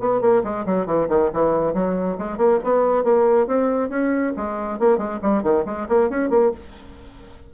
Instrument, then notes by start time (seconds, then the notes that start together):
bassoon
0.00 B3
0.21 A#3
0.44 G#3
0.66 F#3
0.86 E3
1.09 D#3
1.33 E3
1.74 F#3
2.18 G#3
2.37 A#3
2.64 B3
3.04 A#3
3.47 C4
3.90 C#4
4.37 G#3
4.79 A#3
4.98 G#3
5.22 G3
5.43 D#3
5.66 G#3
5.89 A#3
6.10 C#4
6.30 A#3